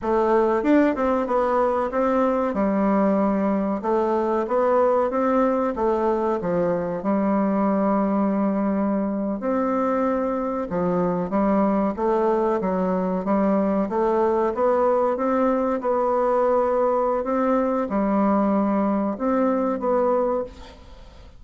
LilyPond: \new Staff \with { instrumentName = "bassoon" } { \time 4/4 \tempo 4 = 94 a4 d'8 c'8 b4 c'4 | g2 a4 b4 | c'4 a4 f4 g4~ | g2~ g8. c'4~ c'16~ |
c'8. f4 g4 a4 fis16~ | fis8. g4 a4 b4 c'16~ | c'8. b2~ b16 c'4 | g2 c'4 b4 | }